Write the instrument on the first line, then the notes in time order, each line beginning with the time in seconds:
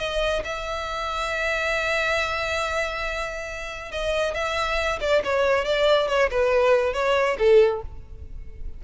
violin
0.00 D#5
0.44 E5
3.92 D#5
4.35 E5
5.01 D5
5.25 C#5
5.66 D5
6.09 C#5
6.31 B4
6.94 C#5
7.39 A4